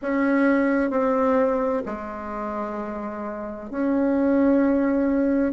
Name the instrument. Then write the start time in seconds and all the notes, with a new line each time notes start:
bassoon
0.02 C#4
0.90 C4
1.85 G#3
3.70 C#4